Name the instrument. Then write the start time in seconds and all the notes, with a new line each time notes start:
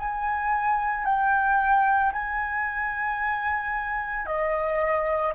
flute
0.00 G#5
1.05 G5
2.13 G#5
4.27 D#5